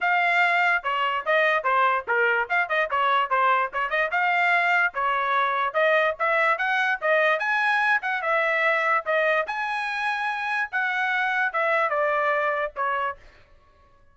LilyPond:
\new Staff \with { instrumentName = "trumpet" } { \time 4/4 \tempo 4 = 146 f''2 cis''4 dis''4 | c''4 ais'4 f''8 dis''8 cis''4 | c''4 cis''8 dis''8 f''2 | cis''2 dis''4 e''4 |
fis''4 dis''4 gis''4. fis''8 | e''2 dis''4 gis''4~ | gis''2 fis''2 | e''4 d''2 cis''4 | }